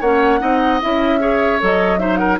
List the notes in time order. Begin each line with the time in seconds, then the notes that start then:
0.00 A#3 C#4 C#5 F#5
0.39 C4 D#4 D#5
0.81 C#4 E4 E5
1.19 G#4 C#5
1.60 F#3 A4 D#5
1.98 D#4 C5 E5
2.16 A#4 F#5